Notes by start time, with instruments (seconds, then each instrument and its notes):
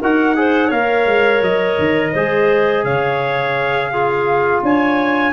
0.00 tuba D#4, trombone F#4, clarinet A#4, trumpet F#5
0.36 trombone G#4, clarinet C5
0.68 tuba A#3, trombone A#4, clarinet C#5, trumpet F5
1.06 tuba G#3
1.41 tuba F#3, trumpet D#5
1.79 tuba D#3
2.12 tuba G#3, trombone G#4, clarinet C5
2.84 tuba C#3, clarinet C#5, trumpet F5
3.91 trombone F4, clarinet G#4
4.62 tuba D4, clarinet C#5, trumpet G#5